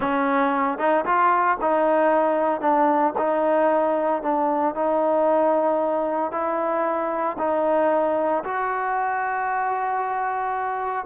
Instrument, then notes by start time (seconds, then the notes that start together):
trombone
0.00 C#4
0.78 D#4
1.05 F4
1.61 D#4
2.61 D4
3.18 D#4
4.22 D4
4.75 D#4
6.31 E4
7.38 D#4
8.44 F#4